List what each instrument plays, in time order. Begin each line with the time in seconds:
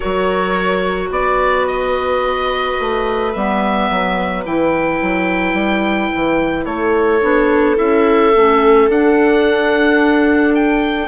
0.00 bassoon F#3, clarinet F#4, viola A#4, oboe C#5
1.09 bassoon B3, viola B4, oboe D5
1.67 oboe D#5
2.79 bassoon A3
3.32 bassoon G3, clarinet B3, oboe E5
3.90 bassoon F#3
4.45 bassoon E3, clarinet E4, oboe G5
5.01 bassoon F#3
5.53 bassoon G3
6.14 bassoon E3
6.65 bassoon A3, viola A4, oboe C#5
7.21 bassoon B3, clarinet D4
7.75 bassoon C#4, clarinet E4, oboe E5
8.35 bassoon A3, clarinet C#4
8.88 bassoon D4, clarinet D4, oboe F#5
10.54 oboe G5